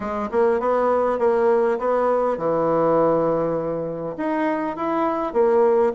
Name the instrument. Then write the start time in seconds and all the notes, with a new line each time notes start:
bassoon
0.00 G#3
0.31 A#3
0.59 B3
1.19 A#3
1.78 B3
2.37 E3
4.17 D#4
4.76 E4
5.33 A#3